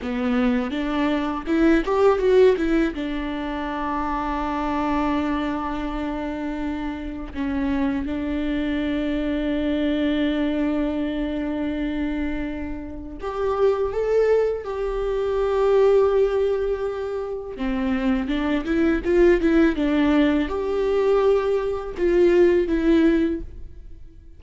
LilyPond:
\new Staff \with { instrumentName = "viola" } { \time 4/4 \tempo 4 = 82 b4 d'4 e'8 g'8 fis'8 e'8 | d'1~ | d'2 cis'4 d'4~ | d'1~ |
d'2 g'4 a'4 | g'1 | c'4 d'8 e'8 f'8 e'8 d'4 | g'2 f'4 e'4 | }